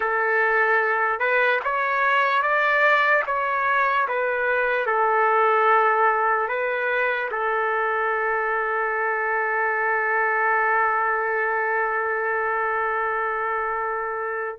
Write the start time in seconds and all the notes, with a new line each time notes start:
0.00 A4
1.19 B4
1.64 C#5
2.42 D5
3.26 C#5
4.08 B4
4.86 A4
6.48 B4
7.31 A4